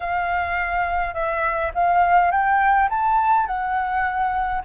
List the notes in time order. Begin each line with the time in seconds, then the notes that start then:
0.00 F5
1.14 E5
1.74 F5
2.31 G5
2.89 A5
3.46 F#5